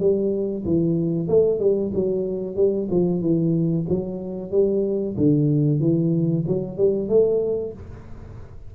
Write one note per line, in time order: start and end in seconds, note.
0.00 0.65 G3
0.65 1.28 E3
1.28 1.59 A3
1.59 1.91 G3
1.94 2.56 F#3
2.56 2.88 G3
2.91 3.21 F3
3.21 3.86 E3
3.89 4.51 F#3
4.51 5.16 G3
5.17 5.80 D3
5.80 6.45 E3
6.48 6.77 F#3
6.77 7.09 G3
7.09 7.73 A3